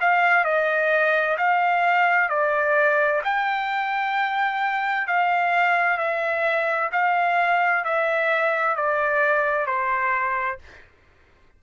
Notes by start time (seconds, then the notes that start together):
0.00 F5
0.44 D#5
1.37 F5
2.29 D5
3.23 G5
5.07 F5
5.97 E5
6.91 F5
7.84 E5
8.75 D5
9.66 C5